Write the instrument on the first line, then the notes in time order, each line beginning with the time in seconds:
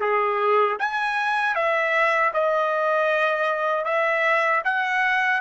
trumpet
0.00 G#4
0.80 G#5
1.56 E5
2.34 D#5
3.85 E5
4.65 F#5